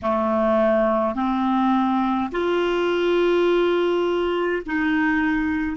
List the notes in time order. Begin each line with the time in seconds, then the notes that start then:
0.02 A3
1.14 C4
2.31 F4
4.66 D#4